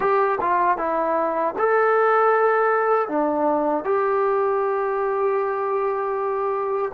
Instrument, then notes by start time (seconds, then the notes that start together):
trombone
0.00 G4
0.41 F4
0.77 E4
1.58 A4
3.08 D4
3.84 G4